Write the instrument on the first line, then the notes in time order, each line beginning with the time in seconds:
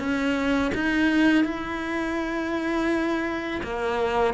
cello
0.00 C#4
0.75 D#4
1.45 E4
3.64 A#3